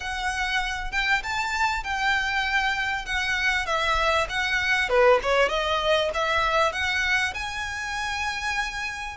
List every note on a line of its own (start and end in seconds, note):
0.00 0.91 F#5
0.91 1.22 G5
1.23 1.83 A5
1.83 3.05 G5
3.05 3.65 F#5
3.65 4.27 E5
4.29 4.89 F#5
4.89 5.19 B4
5.22 5.49 C#5
5.49 6.10 D#5
6.14 6.72 E5
6.72 7.33 F#5
7.34 9.16 G#5